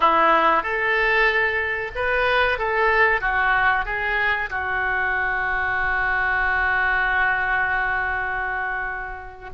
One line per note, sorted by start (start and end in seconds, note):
0.00 0.62 E4
0.62 1.91 A4
1.95 2.58 B4
2.58 3.21 A4
3.21 3.85 F#4
3.85 4.49 G#4
4.50 9.50 F#4